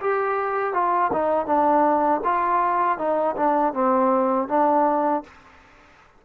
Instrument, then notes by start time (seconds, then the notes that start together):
trombone
0.00 G4
0.73 F4
1.12 D#4
1.46 D4
2.24 F4
2.98 D#4
3.36 D4
3.73 C4
4.48 D4